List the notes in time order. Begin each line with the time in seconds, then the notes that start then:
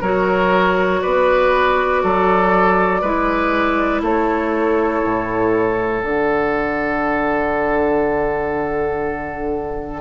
0.00 F#3 F#4 A#4 C#5
1.01 B3 B4 D5
2.03 F#3 A4
3.01 G#3 E4 B4
4.01 A3 A4 C#5
5.03 A2
6.02 D3 D4 F#5